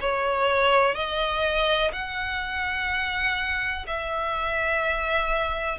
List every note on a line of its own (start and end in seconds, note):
0.00 0.94 C#5
0.94 1.91 D#5
1.92 3.86 F#5
3.87 5.78 E5